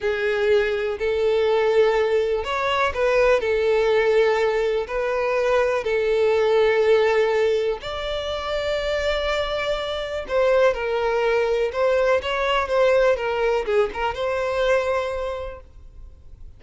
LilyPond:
\new Staff \with { instrumentName = "violin" } { \time 4/4 \tempo 4 = 123 gis'2 a'2~ | a'4 cis''4 b'4 a'4~ | a'2 b'2 | a'1 |
d''1~ | d''4 c''4 ais'2 | c''4 cis''4 c''4 ais'4 | gis'8 ais'8 c''2. | }